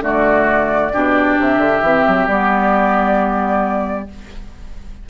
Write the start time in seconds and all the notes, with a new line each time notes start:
0.00 D3 A3 F#4 D5
0.93 B2 D4 G4
1.39 C3 E5
1.57 D3
1.82 E3 C4
2.07 F#3
2.27 G3 B3 D5